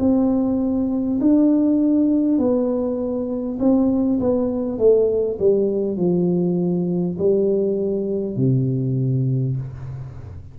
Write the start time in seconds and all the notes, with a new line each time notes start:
0.00 C4
1.21 D4
2.38 B3
3.60 C4
4.21 B3
4.79 A3
5.39 G3
5.97 F3
7.19 G3
8.37 C3